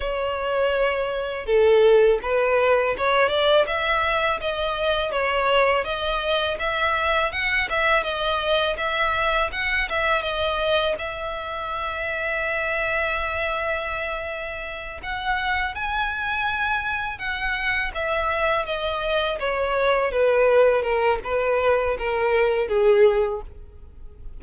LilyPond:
\new Staff \with { instrumentName = "violin" } { \time 4/4 \tempo 4 = 82 cis''2 a'4 b'4 | cis''8 d''8 e''4 dis''4 cis''4 | dis''4 e''4 fis''8 e''8 dis''4 | e''4 fis''8 e''8 dis''4 e''4~ |
e''1~ | e''8 fis''4 gis''2 fis''8~ | fis''8 e''4 dis''4 cis''4 b'8~ | b'8 ais'8 b'4 ais'4 gis'4 | }